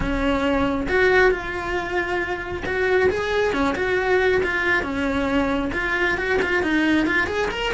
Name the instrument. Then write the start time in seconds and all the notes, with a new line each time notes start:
cello
0.00 C#4
0.88 F#4
1.31 F4
2.65 F#4
3.10 G#4
3.52 C#4
3.75 F#4
4.43 F4
4.82 C#4
5.73 F4
6.17 F#4
6.42 F4
6.63 D#4
7.06 F4
7.26 G#4
7.50 A#4